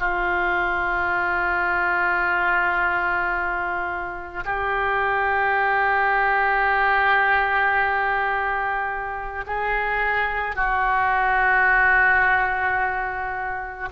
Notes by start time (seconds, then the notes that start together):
0.00 F4
4.44 G4
9.46 G#4
10.56 F#4